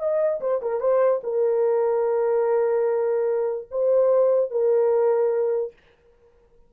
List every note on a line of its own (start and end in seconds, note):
0.00 0.41 D#5
0.41 0.61 C5
0.62 0.81 A#4
0.81 1.22 C5
1.24 3.69 A#4
3.71 4.51 C5
4.51 5.73 A#4